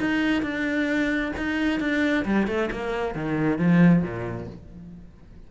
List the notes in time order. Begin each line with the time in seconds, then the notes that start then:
0.00 D#4
0.42 D4
1.37 D#4
1.80 D4
2.25 G3
2.47 A3
2.71 A#3
3.15 D#3
3.58 F3
4.03 A#2